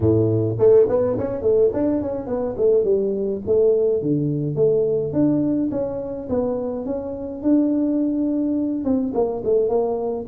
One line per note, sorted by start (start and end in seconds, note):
0.00 0.57 A2
0.58 0.87 A3
0.89 1.17 B3
1.18 1.42 C#4
1.42 1.70 A3
1.73 2.01 D4
2.01 2.26 C#4
2.26 2.55 B3
2.57 2.84 A3
2.84 3.41 G3
3.46 4.02 A3
4.02 4.55 D3
4.55 5.12 A3
5.12 5.70 D4
5.71 6.28 C#4
6.29 6.85 B3
6.85 7.42 C#4
7.42 8.84 D4
8.84 9.12 C4
9.14 9.42 A#3
9.44 9.68 A3
9.68 10.25 A#3